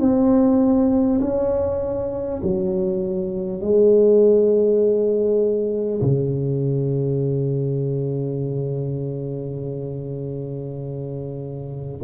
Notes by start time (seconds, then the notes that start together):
0.00 C4
1.21 C#4
2.43 F#3
3.61 G#3
6.02 C#3